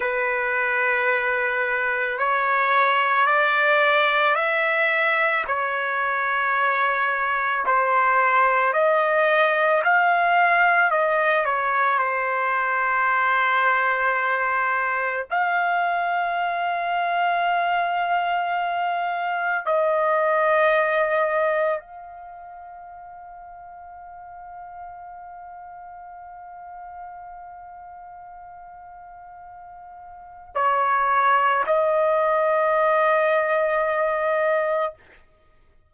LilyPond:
\new Staff \with { instrumentName = "trumpet" } { \time 4/4 \tempo 4 = 55 b'2 cis''4 d''4 | e''4 cis''2 c''4 | dis''4 f''4 dis''8 cis''8 c''4~ | c''2 f''2~ |
f''2 dis''2 | f''1~ | f''1 | cis''4 dis''2. | }